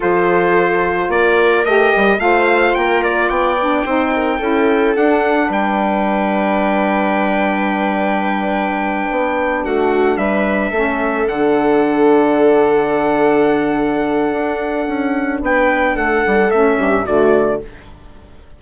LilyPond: <<
  \new Staff \with { instrumentName = "trumpet" } { \time 4/4 \tempo 4 = 109 c''2 d''4 dis''4 | f''4 g''8 d''8 g''2~ | g''4 fis''4 g''2~ | g''1~ |
g''4. fis''4 e''4.~ | e''8 fis''2.~ fis''8~ | fis''1 | g''4 fis''4 e''4 d''4 | }
  \new Staff \with { instrumentName = "viola" } { \time 4/4 a'2 ais'2 | c''4 ais'4 d''4 c''8 ais'8 | a'2 b'2~ | b'1~ |
b'4. fis'4 b'4 a'8~ | a'1~ | a'1 | b'4 a'4. g'8 fis'4 | }
  \new Staff \with { instrumentName = "saxophone" } { \time 4/4 f'2. g'4 | f'2~ f'8 d'8 dis'4 | e'4 d'2.~ | d'1~ |
d'2.~ d'8 cis'8~ | cis'8 d'2.~ d'8~ | d'1~ | d'2 cis'4 a4 | }
  \new Staff \with { instrumentName = "bassoon" } { \time 4/4 f2 ais4 a8 g8 | a4 ais4 b4 c'4 | cis'4 d'4 g2~ | g1~ |
g8 b4 a4 g4 a8~ | a8 d2.~ d8~ | d2 d'4 cis'4 | b4 a8 g8 a8 g,8 d4 | }
>>